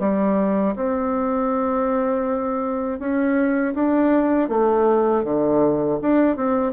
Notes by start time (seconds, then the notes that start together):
0.00 G3
0.76 C4
2.99 C#4
3.75 D4
4.49 A3
5.24 D3
6.02 D4
6.37 C4